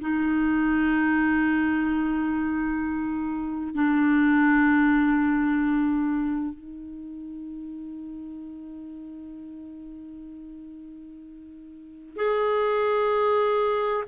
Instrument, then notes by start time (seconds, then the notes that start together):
clarinet
0.00 D#4
3.74 D4
6.54 D#4
12.16 G#4